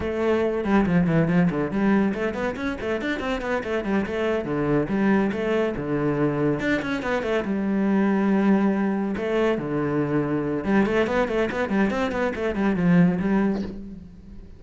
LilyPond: \new Staff \with { instrumentName = "cello" } { \time 4/4 \tempo 4 = 141 a4. g8 f8 e8 f8 d8 | g4 a8 b8 cis'8 a8 d'8 c'8 | b8 a8 g8 a4 d4 g8~ | g8 a4 d2 d'8 |
cis'8 b8 a8 g2~ g8~ | g4. a4 d4.~ | d4 g8 a8 b8 a8 b8 g8 | c'8 b8 a8 g8 f4 g4 | }